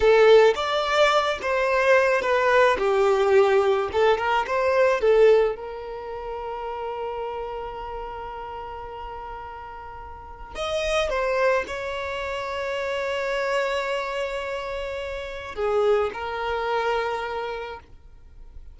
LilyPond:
\new Staff \with { instrumentName = "violin" } { \time 4/4 \tempo 4 = 108 a'4 d''4. c''4. | b'4 g'2 a'8 ais'8 | c''4 a'4 ais'2~ | ais'1~ |
ais'2. dis''4 | c''4 cis''2.~ | cis''1 | gis'4 ais'2. | }